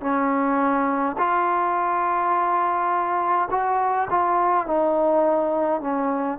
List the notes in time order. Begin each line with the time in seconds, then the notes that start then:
0.00 C#4
1.17 F4
3.50 F#4
4.10 F4
4.66 D#4
5.81 C#4